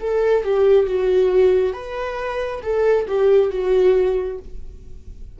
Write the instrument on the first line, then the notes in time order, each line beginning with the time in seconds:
viola
0.00 A4
0.44 G4
0.86 F#4
1.73 B4
2.62 A4
3.07 G4
3.50 F#4